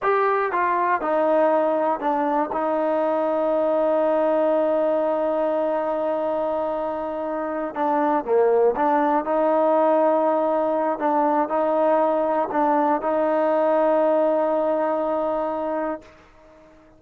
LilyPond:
\new Staff \with { instrumentName = "trombone" } { \time 4/4 \tempo 4 = 120 g'4 f'4 dis'2 | d'4 dis'2.~ | dis'1~ | dis'2.~ dis'8 d'8~ |
d'8 ais4 d'4 dis'4.~ | dis'2 d'4 dis'4~ | dis'4 d'4 dis'2~ | dis'1 | }